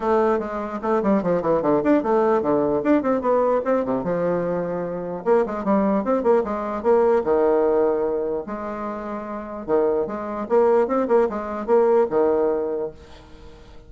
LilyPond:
\new Staff \with { instrumentName = "bassoon" } { \time 4/4 \tempo 4 = 149 a4 gis4 a8 g8 f8 e8 | d8 d'8 a4 d4 d'8 c'8 | b4 c'8 c8 f2~ | f4 ais8 gis8 g4 c'8 ais8 |
gis4 ais4 dis2~ | dis4 gis2. | dis4 gis4 ais4 c'8 ais8 | gis4 ais4 dis2 | }